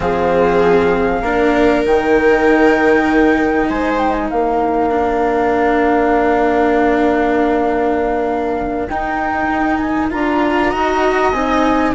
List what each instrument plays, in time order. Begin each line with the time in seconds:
0.00 bassoon F3, cello C4, viola G#4, flute F5
1.21 bassoon A#3, cello D4, viola A#4
1.85 bassoon D#3, cello D#4, flute G5
3.68 bassoon G#3, viola C5, flute G#5
3.98 flute G5
4.12 flute G#5
4.28 bassoon A#3, viola A#4, flute F5
4.89 cello D4
8.88 bassoon D#4, cello D#4, flute G5
9.77 flute G#5
10.10 bassoon D4, cello F4, flute A#5
10.70 bassoon D#4, cello F#4, viola D#5
11.32 bassoon C4, cello D#4, flute G#5